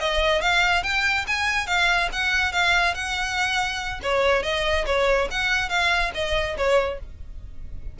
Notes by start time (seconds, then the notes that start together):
0.00 D#5
0.41 F5
0.83 G5
1.27 G#5
1.67 F5
2.12 F#5
2.53 F5
2.94 F#5
4.03 C#5
4.43 D#5
4.86 C#5
5.31 F#5
5.69 F5
6.14 D#5
6.57 C#5